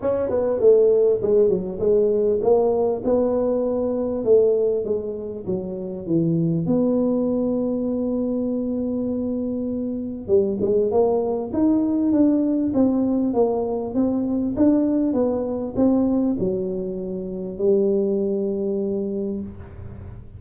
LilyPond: \new Staff \with { instrumentName = "tuba" } { \time 4/4 \tempo 4 = 99 cis'8 b8 a4 gis8 fis8 gis4 | ais4 b2 a4 | gis4 fis4 e4 b4~ | b1~ |
b4 g8 gis8 ais4 dis'4 | d'4 c'4 ais4 c'4 | d'4 b4 c'4 fis4~ | fis4 g2. | }